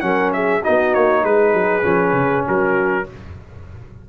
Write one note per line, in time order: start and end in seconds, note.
0.00 0.62 F#3
0.00 0.61 C#4
0.00 0.34 A#4
0.00 0.30 F#5
0.33 0.62 G#4
0.33 0.63 E5
0.62 0.95 B3
0.62 1.82 D#4
0.62 1.23 F#4
0.62 0.94 D#5
0.94 1.23 A#3
0.94 1.24 C#5
1.23 1.53 G#3
1.23 2.45 G#4
1.23 2.45 B4
1.53 1.84 F#3
1.82 2.12 F3
1.82 3.03 C#4
2.12 2.42 C#3
2.47 3.08 F#3
2.47 3.07 F#4
2.47 3.08 A#4